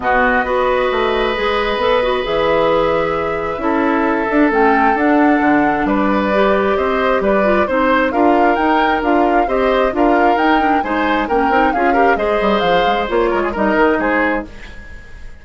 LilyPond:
<<
  \new Staff \with { instrumentName = "flute" } { \time 4/4 \tempo 4 = 133 dis''1~ | dis''4 e''2.~ | e''2 g''4 fis''4~ | fis''4 d''2 dis''4 |
d''4 c''4 f''4 g''4 | f''4 dis''4 f''4 g''4 | gis''4 g''4 f''4 dis''4 | f''4 cis''4 dis''4 c''4 | }
  \new Staff \with { instrumentName = "oboe" } { \time 4/4 fis'4 b'2.~ | b'1 | a'1~ | a'4 b'2 c''4 |
b'4 c''4 ais'2~ | ais'4 c''4 ais'2 | c''4 ais'4 gis'8 ais'8 c''4~ | c''4. ais'16 gis'16 ais'4 gis'4 | }
  \new Staff \with { instrumentName = "clarinet" } { \time 4/4 b4 fis'2 gis'4 | a'8 fis'8 gis'2. | e'4. d'8 cis'4 d'4~ | d'2 g'2~ |
g'8 f'8 dis'4 f'4 dis'4 | f'4 g'4 f'4 dis'8 d'8 | dis'4 cis'8 dis'8 f'8 g'8 gis'4~ | gis'4 f'4 dis'2 | }
  \new Staff \with { instrumentName = "bassoon" } { \time 4/4 b,4 b4 a4 gis4 | b4 e2. | cis'4. d'8 a4 d'4 | d4 g2 c'4 |
g4 c'4 d'4 dis'4 | d'4 c'4 d'4 dis'4 | gis4 ais8 c'8 cis'4 gis8 g8 | f8 gis8 ais8 gis8 g8 dis8 gis4 | }
>>